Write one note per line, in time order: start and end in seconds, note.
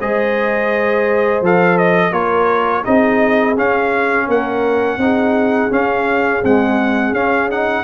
0.00 1.41 G#3
0.00 1.44 G#4
0.00 2.11 C5
0.00 1.43 D#5
1.41 2.12 F3
1.41 2.12 A4
1.41 1.78 F5
1.78 2.13 D#5
2.11 2.83 A#3
2.11 2.84 F4
2.11 2.82 A#4
2.11 2.84 C#5
2.85 3.57 C4
2.85 3.56 D#4
2.85 4.26 G#4
2.85 3.56 D#5
3.57 4.28 C#4
3.57 5.00 C#4
3.57 4.30 F5
4.26 4.97 A#3
4.26 4.98 A#4
4.26 5.72 F#5
4.97 5.69 C4
4.97 5.71 D#4
4.97 7.84 G#4
5.71 6.42 C#4
5.71 6.44 F5
6.43 7.15 G#3
6.43 7.12 C4
6.43 7.14 F#5
7.12 7.83 C#4
7.12 7.51 C#4
7.12 7.50 F5
7.51 7.84 D#4
7.51 7.84 F#5